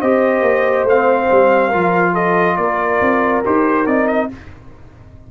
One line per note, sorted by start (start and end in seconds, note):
0.00 0.41 C4
0.00 0.89 G4
0.00 1.68 C5
0.00 0.87 D#5
0.41 0.83 A#3
0.83 1.26 A3
0.83 2.15 F5
0.89 1.73 C4
1.31 1.74 G3
1.68 2.57 F3
1.68 3.44 F4
1.68 2.11 A#4
2.13 2.56 A4
2.13 2.56 D#5
2.56 3.00 A#3
2.56 4.31 A#4
2.56 3.42 D5
3.01 3.44 C4
3.45 3.87 D#4
3.45 3.87 G4
3.45 3.86 C5
3.86 4.29 C4
3.86 4.30 D#4
3.86 4.07 D5
4.07 4.29 D#5